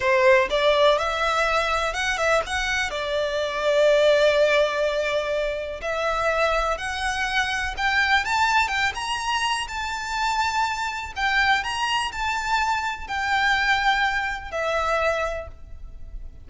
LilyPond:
\new Staff \with { instrumentName = "violin" } { \time 4/4 \tempo 4 = 124 c''4 d''4 e''2 | fis''8 e''8 fis''4 d''2~ | d''1 | e''2 fis''2 |
g''4 a''4 g''8 ais''4. | a''2. g''4 | ais''4 a''2 g''4~ | g''2 e''2 | }